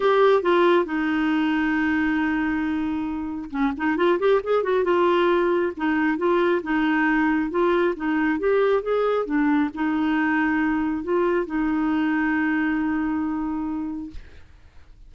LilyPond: \new Staff \with { instrumentName = "clarinet" } { \time 4/4 \tempo 4 = 136 g'4 f'4 dis'2~ | dis'1 | cis'8 dis'8 f'8 g'8 gis'8 fis'8 f'4~ | f'4 dis'4 f'4 dis'4~ |
dis'4 f'4 dis'4 g'4 | gis'4 d'4 dis'2~ | dis'4 f'4 dis'2~ | dis'1 | }